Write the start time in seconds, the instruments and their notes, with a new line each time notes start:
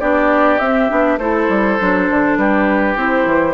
0.00 bassoon B3, clarinet D4, oboe G4, flute D5
0.59 bassoon C4, clarinet C4, flute E5
0.89 bassoon B3, clarinet D4
1.18 bassoon A3, clarinet E4, oboe A4, flute C5
1.49 bassoon G3
1.80 bassoon F#3, clarinet D4
2.10 bassoon D3
2.37 bassoon G3, oboe G4, flute B4
2.96 bassoon C4, clarinet E4, flute C5
3.26 bassoon E3